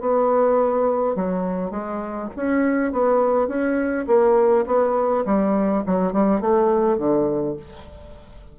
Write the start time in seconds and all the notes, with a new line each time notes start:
0.00 B3
1.15 F#3
1.71 G#3
2.36 C#4
2.92 B3
3.47 C#4
4.07 A#3
4.66 B3
5.25 G3
5.86 F#3
6.12 G3
6.41 A3
6.97 D3